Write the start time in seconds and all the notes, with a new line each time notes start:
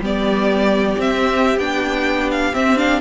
0.00 G3 B3 G4 D5
0.97 C4 E5
1.57 B3 D4 G5
2.31 F5
2.53 C4 E5
2.77 D4 F5